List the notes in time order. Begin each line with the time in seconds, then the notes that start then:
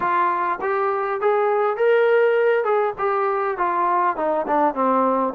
0.00 F4
0.61 G4
1.20 G#4
1.77 A#4
2.64 G#4
2.98 G4
3.57 F4
4.16 D#4
4.47 D4
4.74 C4